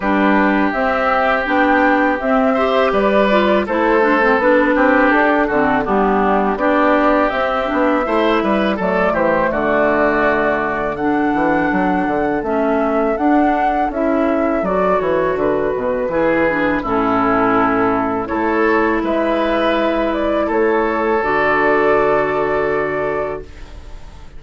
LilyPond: <<
  \new Staff \with { instrumentName = "flute" } { \time 4/4 \tempo 4 = 82 b'4 e''4 g''4 e''4 | d''4 c''4 b'4 a'4 | g'4 d''4 e''2 | d''8 c''8 d''2 fis''4~ |
fis''4 e''4 fis''4 e''4 | d''8 cis''8 b'2 a'4~ | a'4 cis''4 e''4. d''8 | cis''4 d''2. | }
  \new Staff \with { instrumentName = "oboe" } { \time 4/4 g'2.~ g'8 c''8 | b'4 a'4. g'4 fis'8 | d'4 g'2 c''8 b'8 | a'8 g'8 fis'2 a'4~ |
a'1~ | a'2 gis'4 e'4~ | e'4 a'4 b'2 | a'1 | }
  \new Staff \with { instrumentName = "clarinet" } { \time 4/4 d'4 c'4 d'4 c'8 g'8~ | g'8 f'8 e'8 d'16 c'16 d'4. c'8 | b4 d'4 c'8 d'8 e'4 | a2. d'4~ |
d'4 cis'4 d'4 e'4 | fis'2 e'8 d'8 cis'4~ | cis'4 e'2.~ | e'4 fis'2. | }
  \new Staff \with { instrumentName = "bassoon" } { \time 4/4 g4 c'4 b4 c'4 | g4 a4 b8 c'8 d'8 d8 | g4 b4 c'8 b8 a8 g8 | fis8 e8 d2~ d8 e8 |
fis8 d8 a4 d'4 cis'4 | fis8 e8 d8 b,8 e4 a,4~ | a,4 a4 gis2 | a4 d2. | }
>>